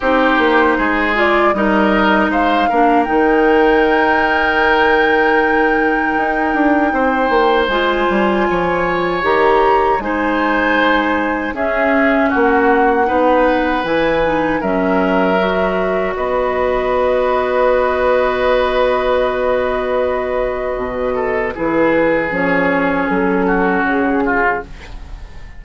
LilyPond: <<
  \new Staff \with { instrumentName = "flute" } { \time 4/4 \tempo 4 = 78 c''4. d''8 dis''4 f''4 | g''1~ | g''2 gis''2 | ais''4 gis''2 e''4 |
fis''2 gis''4 e''4~ | e''4 dis''2.~ | dis''1 | b'4 cis''4 a'4 gis'4 | }
  \new Staff \with { instrumentName = "oboe" } { \time 4/4 g'4 gis'4 ais'4 c''8 ais'8~ | ais'1~ | ais'4 c''2 cis''4~ | cis''4 c''2 gis'4 |
fis'4 b'2 ais'4~ | ais'4 b'2.~ | b'2.~ b'8 a'8 | gis'2~ gis'8 fis'4 f'8 | }
  \new Staff \with { instrumentName = "clarinet" } { \time 4/4 dis'4. f'8 dis'4. d'8 | dis'1~ | dis'2 f'2 | g'4 dis'2 cis'4~ |
cis'4 dis'4 e'8 dis'8 cis'4 | fis'1~ | fis'1 | e'4 cis'2. | }
  \new Staff \with { instrumentName = "bassoon" } { \time 4/4 c'8 ais8 gis4 g4 gis8 ais8 | dis1 | dis'8 d'8 c'8 ais8 gis8 g8 f4 | dis4 gis2 cis'4 |
ais4 b4 e4 fis4~ | fis4 b2.~ | b2. b,4 | e4 f4 fis4 cis4 | }
>>